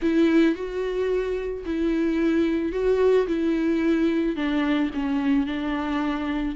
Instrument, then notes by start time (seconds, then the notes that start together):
viola
0.02 E4
0.55 F#4
1.65 E4
2.72 F#4
3.27 E4
4.36 D4
4.94 C#4
5.46 D4